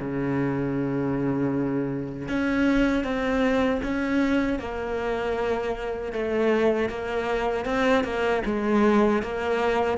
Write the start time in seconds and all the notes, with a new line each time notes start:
0.00 C#3
2.28 C#4
3.04 C4
3.83 C#4
4.59 A#3
6.12 A3
6.89 A#3
7.65 C4
8.04 A#3
8.45 G#3
9.22 A#3